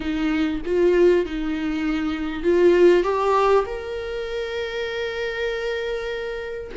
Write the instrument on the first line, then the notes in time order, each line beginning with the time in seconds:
viola
0.00 D#4
0.65 F4
1.25 D#4
2.43 F4
3.03 G4
3.65 A#4